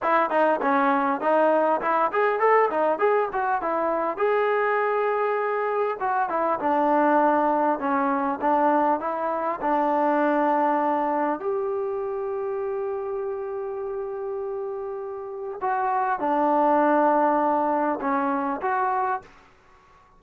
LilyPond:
\new Staff \with { instrumentName = "trombone" } { \time 4/4 \tempo 4 = 100 e'8 dis'8 cis'4 dis'4 e'8 gis'8 | a'8 dis'8 gis'8 fis'8 e'4 gis'4~ | gis'2 fis'8 e'8 d'4~ | d'4 cis'4 d'4 e'4 |
d'2. g'4~ | g'1~ | g'2 fis'4 d'4~ | d'2 cis'4 fis'4 | }